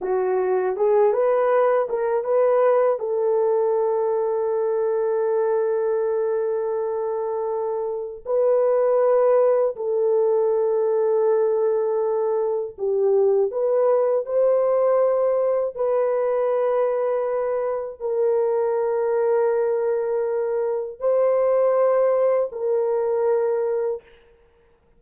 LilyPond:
\new Staff \with { instrumentName = "horn" } { \time 4/4 \tempo 4 = 80 fis'4 gis'8 b'4 ais'8 b'4 | a'1~ | a'2. b'4~ | b'4 a'2.~ |
a'4 g'4 b'4 c''4~ | c''4 b'2. | ais'1 | c''2 ais'2 | }